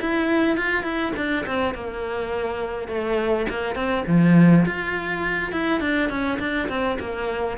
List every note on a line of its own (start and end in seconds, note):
0.00 0.56 E4
0.56 0.83 F4
0.83 1.12 E4
1.16 1.45 D4
1.46 1.74 C4
1.74 2.88 A#3
2.88 3.46 A3
3.49 3.75 A#3
3.75 4.04 C4
4.06 4.65 F3
4.65 5.52 F4
5.52 5.80 E4
5.80 6.10 D4
6.10 6.39 C#4
6.39 6.68 D4
6.69 6.98 C4
7.00 7.57 A#3